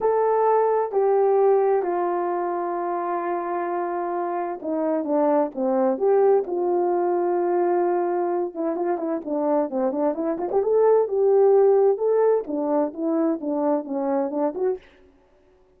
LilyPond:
\new Staff \with { instrumentName = "horn" } { \time 4/4 \tempo 4 = 130 a'2 g'2 | f'1~ | f'2 dis'4 d'4 | c'4 g'4 f'2~ |
f'2~ f'8 e'8 f'8 e'8 | d'4 c'8 d'8 e'8 f'16 g'16 a'4 | g'2 a'4 d'4 | e'4 d'4 cis'4 d'8 fis'8 | }